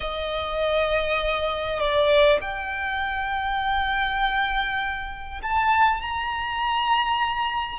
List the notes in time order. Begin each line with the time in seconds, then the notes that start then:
0.00 D#5
1.79 D5
2.41 G5
5.42 A5
6.01 A#5